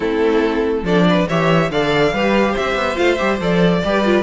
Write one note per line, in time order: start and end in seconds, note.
0.00 0.83 A3
0.00 0.83 C4
0.00 0.84 E4
0.00 0.85 A4
0.83 1.25 F3
0.83 1.28 D4
0.83 1.06 A4
0.83 1.27 D5
1.09 1.28 B4
1.28 1.70 E3
1.28 1.72 G4
1.28 1.70 C#5
1.28 1.71 E5
1.70 2.12 D3
1.70 2.15 A4
1.70 2.13 D5
1.70 2.56 F5
2.12 2.54 G3
2.12 2.95 G4
2.12 2.52 B4
2.52 2.74 C4
2.52 3.79 C5
2.52 2.97 E5
2.74 2.96 B3
2.95 3.19 A3
2.95 3.17 F4
2.95 3.15 F5
3.15 3.40 G3
3.15 3.39 G4
3.15 3.36 E5
3.40 3.82 F3
3.40 3.83 A4
3.40 4.22 D5
3.84 4.22 G3
3.84 4.05 G4
3.84 4.22 B4
4.05 4.22 F4